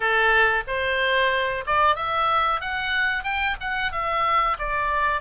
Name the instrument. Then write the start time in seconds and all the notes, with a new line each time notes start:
oboe
0.00 A4
0.67 C5
1.66 D5
1.95 E5
2.61 F#5
3.23 G5
3.60 F#5
3.92 E5
4.58 D5